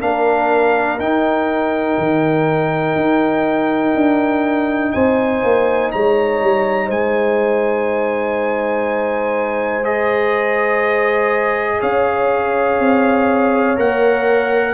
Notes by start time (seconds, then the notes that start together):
0.00 A#3 D4 A#4 F5
0.98 D#4 G5
1.98 D#3
2.95 D#4
3.94 D4
4.92 C4 C5 G#5
5.43 A#3
5.91 G#3 C#5 A#5
6.41 G3
6.86 G#3 C5 G#5
9.83 G#4 D#5
11.80 C#4 C#5 F5
12.79 C4
13.76 A#3 A#4 F#5